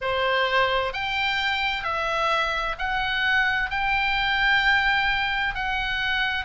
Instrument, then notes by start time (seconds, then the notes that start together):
oboe
0.01 C5
0.93 G5
1.83 E5
2.78 F#5
3.70 G5
5.54 F#5